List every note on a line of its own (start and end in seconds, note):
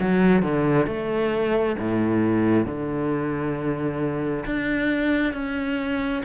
0.00 0.42 F#3
0.42 0.87 D3
0.87 1.76 A3
1.79 2.66 A2
2.66 4.45 D3
4.46 5.33 D4
5.33 6.23 C#4